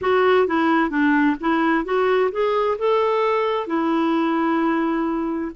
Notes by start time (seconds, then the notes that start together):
0.01 F#4
0.47 E4
0.90 D4
1.40 E4
1.84 F#4
2.31 G#4
2.78 A4
3.67 E4